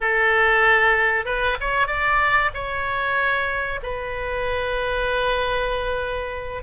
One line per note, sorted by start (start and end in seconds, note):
0.00 1.25 A4
1.25 1.56 B4
1.60 1.87 C#5
1.87 2.50 D5
2.53 3.80 C#5
3.82 6.63 B4